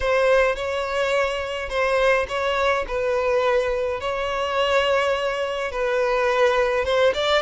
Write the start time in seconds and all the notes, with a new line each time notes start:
0.00 C5
0.55 C#5
1.69 C5
2.28 C#5
2.87 B4
4.00 C#5
5.71 B4
6.84 C5
7.14 D5